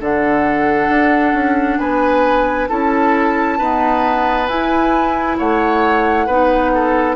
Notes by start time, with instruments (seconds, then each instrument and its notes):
0.00 bassoon D3, clarinet D4, oboe A4, flute F#5
0.89 bassoon D4
1.33 bassoon C#4
1.78 bassoon B3, oboe B4, flute G#5
2.68 bassoon C#4, clarinet E4, oboe A4, flute A5
3.58 clarinet B3, bassoon D#4, oboe B4
4.47 bassoon E4, clarinet E4, flute G#5
5.37 bassoon A3, oboe C#5, flute F#5
6.26 bassoon B3, clarinet D#4, oboe B4
6.74 oboe A4